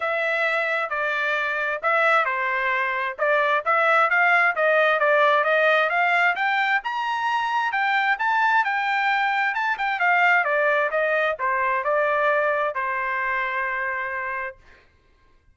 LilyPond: \new Staff \with { instrumentName = "trumpet" } { \time 4/4 \tempo 4 = 132 e''2 d''2 | e''4 c''2 d''4 | e''4 f''4 dis''4 d''4 | dis''4 f''4 g''4 ais''4~ |
ais''4 g''4 a''4 g''4~ | g''4 a''8 g''8 f''4 d''4 | dis''4 c''4 d''2 | c''1 | }